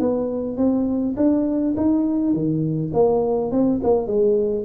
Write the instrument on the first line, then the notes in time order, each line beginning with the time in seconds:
tuba
0.00 B3
0.57 C4
1.17 D4
1.77 D#4
2.34 D#3
2.94 A#3
3.52 C4
3.84 A#3
4.07 G#3